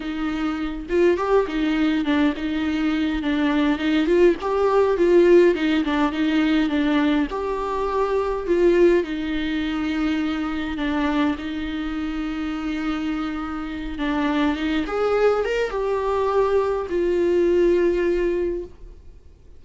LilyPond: \new Staff \with { instrumentName = "viola" } { \time 4/4 \tempo 4 = 103 dis'4. f'8 g'8 dis'4 d'8 | dis'4. d'4 dis'8 f'8 g'8~ | g'8 f'4 dis'8 d'8 dis'4 d'8~ | d'8 g'2 f'4 dis'8~ |
dis'2~ dis'8 d'4 dis'8~ | dis'1 | d'4 dis'8 gis'4 ais'8 g'4~ | g'4 f'2. | }